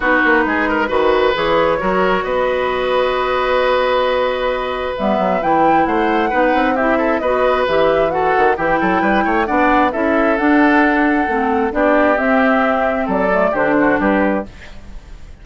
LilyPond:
<<
  \new Staff \with { instrumentName = "flute" } { \time 4/4 \tempo 4 = 133 b'2. cis''4~ | cis''4 dis''2.~ | dis''2. e''4 | g''4 fis''2 e''4 |
dis''4 e''4 fis''4 g''4~ | g''4 fis''4 e''4 fis''4~ | fis''2 d''4 e''4~ | e''4 d''4 c''4 b'4 | }
  \new Staff \with { instrumentName = "oboe" } { \time 4/4 fis'4 gis'8 ais'8 b'2 | ais'4 b'2.~ | b'1~ | b'4 c''4 b'4 g'8 a'8 |
b'2 a'4 g'8 a'8 | b'8 cis''8 d''4 a'2~ | a'2 g'2~ | g'4 a'4 g'8 fis'8 g'4 | }
  \new Staff \with { instrumentName = "clarinet" } { \time 4/4 dis'2 fis'4 gis'4 | fis'1~ | fis'2. b4 | e'2 dis'4 e'4 |
fis'4 g'4 fis'4 e'4~ | e'4 d'4 e'4 d'4~ | d'4 c'4 d'4 c'4~ | c'4. a8 d'2 | }
  \new Staff \with { instrumentName = "bassoon" } { \time 4/4 b8 ais8 gis4 dis4 e4 | fis4 b2.~ | b2. g8 fis8 | e4 a4 b8 c'4. |
b4 e4. dis8 e8 fis8 | g8 a8 b4 cis'4 d'4~ | d'4 a4 b4 c'4~ | c'4 fis4 d4 g4 | }
>>